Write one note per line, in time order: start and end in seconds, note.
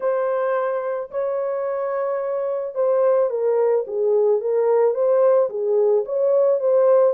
0.00 1.10 C5
1.11 2.74 C#5
2.74 3.30 C5
3.30 3.85 A#4
3.87 4.41 G#4
4.41 4.94 A#4
4.94 5.49 C5
5.49 6.04 G#4
6.05 6.60 C#5
6.60 7.14 C5